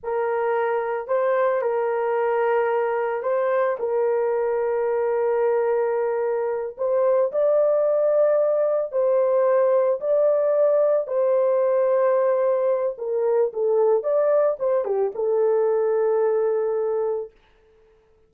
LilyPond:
\new Staff \with { instrumentName = "horn" } { \time 4/4 \tempo 4 = 111 ais'2 c''4 ais'4~ | ais'2 c''4 ais'4~ | ais'1~ | ais'8 c''4 d''2~ d''8~ |
d''8 c''2 d''4.~ | d''8 c''2.~ c''8 | ais'4 a'4 d''4 c''8 g'8 | a'1 | }